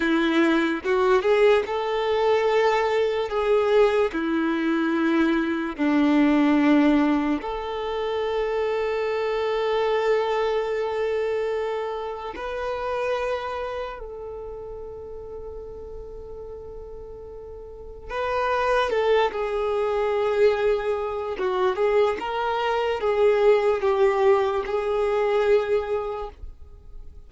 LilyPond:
\new Staff \with { instrumentName = "violin" } { \time 4/4 \tempo 4 = 73 e'4 fis'8 gis'8 a'2 | gis'4 e'2 d'4~ | d'4 a'2.~ | a'2. b'4~ |
b'4 a'2.~ | a'2 b'4 a'8 gis'8~ | gis'2 fis'8 gis'8 ais'4 | gis'4 g'4 gis'2 | }